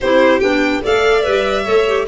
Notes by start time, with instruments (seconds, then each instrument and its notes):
0.00 tuba C4, clarinet E4, violin G4 C5
0.40 tuba B3, clarinet D4, violin G5
0.83 tuba A3, clarinet A4, violin D5 F5
1.22 tuba G3, clarinet B4, violin E5
1.64 tuba A3, clarinet A4, violin C#5
1.86 clarinet G4